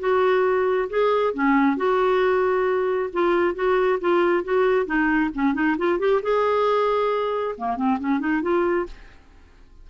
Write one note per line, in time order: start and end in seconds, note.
0.00 0.89 F#4
0.90 1.34 G#4
1.34 1.77 C#4
1.77 3.10 F#4
3.13 3.55 F4
3.55 4.00 F#4
4.01 4.44 F4
4.44 4.86 F#4
4.86 5.31 D#4
5.35 5.54 C#4
5.54 5.77 D#4
5.78 5.99 F4
5.99 6.22 G4
6.23 7.56 G#4
7.58 7.77 A#3
7.77 7.99 C4
8.00 8.20 C#4
8.20 8.42 D#4
8.42 8.87 F4